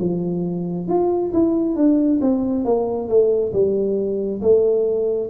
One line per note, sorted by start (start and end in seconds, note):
0.00 0.88 F3
0.88 1.32 F4
1.34 1.76 E4
1.76 2.20 D4
2.21 2.65 C4
2.65 3.09 A#3
3.09 3.53 A3
3.53 4.42 G3
4.42 5.30 A3